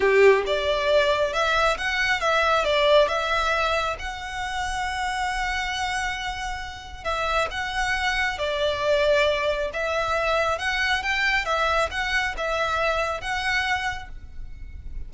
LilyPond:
\new Staff \with { instrumentName = "violin" } { \time 4/4 \tempo 4 = 136 g'4 d''2 e''4 | fis''4 e''4 d''4 e''4~ | e''4 fis''2.~ | fis''1 |
e''4 fis''2 d''4~ | d''2 e''2 | fis''4 g''4 e''4 fis''4 | e''2 fis''2 | }